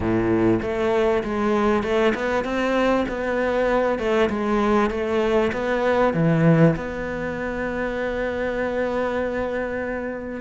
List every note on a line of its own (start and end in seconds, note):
0.00 0.60 A2
0.62 1.23 A3
1.23 1.83 G#3
1.83 2.13 A3
2.14 2.44 B3
2.44 3.05 C4
3.08 3.98 B3
3.98 4.29 A3
4.29 4.90 G#3
4.90 5.51 A3
5.52 6.13 B3
6.13 6.75 E3
6.75 10.40 B3